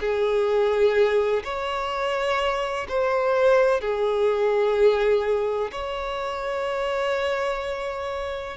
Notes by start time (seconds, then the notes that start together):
0.00 G#4
1.44 C#5
2.89 C5
3.81 G#4
5.71 C#5